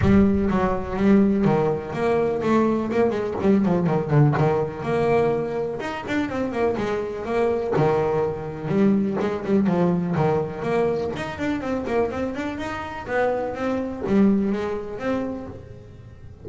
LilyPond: \new Staff \with { instrumentName = "double bass" } { \time 4/4 \tempo 4 = 124 g4 fis4 g4 dis4 | ais4 a4 ais8 gis8 g8 f8 | dis8 d8 dis4 ais2 | dis'8 d'8 c'8 ais8 gis4 ais4 |
dis2 g4 gis8 g8 | f4 dis4 ais4 dis'8 d'8 | c'8 ais8 c'8 d'8 dis'4 b4 | c'4 g4 gis4 c'4 | }